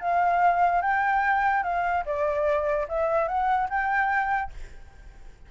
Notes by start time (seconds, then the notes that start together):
0.00 F5
0.81 G5
1.63 F5
2.05 D5
2.88 E5
3.27 F#5
3.69 G5